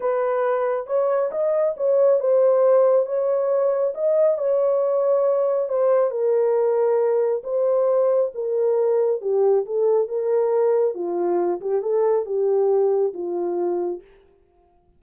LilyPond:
\new Staff \with { instrumentName = "horn" } { \time 4/4 \tempo 4 = 137 b'2 cis''4 dis''4 | cis''4 c''2 cis''4~ | cis''4 dis''4 cis''2~ | cis''4 c''4 ais'2~ |
ais'4 c''2 ais'4~ | ais'4 g'4 a'4 ais'4~ | ais'4 f'4. g'8 a'4 | g'2 f'2 | }